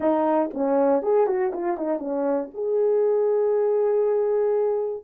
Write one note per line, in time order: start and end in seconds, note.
0.00 0.50 D#4
0.53 1.02 C#4
1.02 1.27 G#4
1.27 1.52 F#4
1.53 1.77 F4
1.77 1.98 D#4
1.98 2.49 C#4
2.54 5.03 G#4